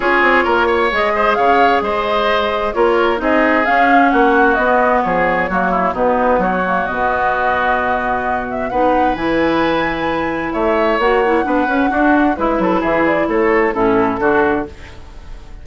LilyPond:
<<
  \new Staff \with { instrumentName = "flute" } { \time 4/4 \tempo 4 = 131 cis''2 dis''4 f''4 | dis''2 cis''4 dis''4 | f''4 fis''4 dis''4 cis''4~ | cis''4 b'4 cis''4 dis''4~ |
dis''2~ dis''8 e''8 fis''4 | gis''2. e''4 | fis''2. b'4 | e''8 d''8 cis''4 a'2 | }
  \new Staff \with { instrumentName = "oboe" } { \time 4/4 gis'4 ais'8 cis''4 c''8 cis''4 | c''2 ais'4 gis'4~ | gis'4 fis'2 gis'4 | fis'8 e'8 dis'4 fis'2~ |
fis'2. b'4~ | b'2. cis''4~ | cis''4 b'4 fis'4 e'8 a'8 | gis'4 a'4 e'4 fis'4 | }
  \new Staff \with { instrumentName = "clarinet" } { \time 4/4 f'2 gis'2~ | gis'2 f'4 dis'4 | cis'2 b2 | ais4 b4. ais8 b4~ |
b2. dis'4 | e'1 | fis'8 e'8 d'8 cis'8 d'4 e'4~ | e'2 cis'4 d'4 | }
  \new Staff \with { instrumentName = "bassoon" } { \time 4/4 cis'8 c'8 ais4 gis4 cis4 | gis2 ais4 c'4 | cis'4 ais4 b4 f4 | fis4 b,4 fis4 b,4~ |
b,2. b4 | e2. a4 | ais4 b8 cis'8 d'4 gis8 fis8 | e4 a4 a,4 d4 | }
>>